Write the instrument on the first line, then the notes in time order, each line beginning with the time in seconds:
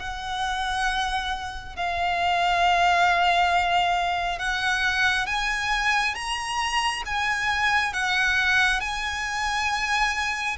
violin
0.00 F#5
1.76 F5
4.39 F#5
5.27 G#5
6.15 A#5
7.06 G#5
7.94 F#5
8.81 G#5